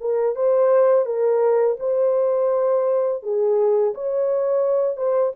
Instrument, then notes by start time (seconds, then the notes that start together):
horn
0.00 A#4
0.35 C5
1.05 A#4
1.80 C5
3.22 G#4
3.94 C#5
4.96 C5